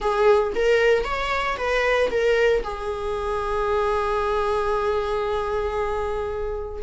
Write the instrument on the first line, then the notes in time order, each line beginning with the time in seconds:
viola
0.00 G#4
0.55 A#4
1.04 C#5
1.57 B4
2.10 A#4
2.63 G#4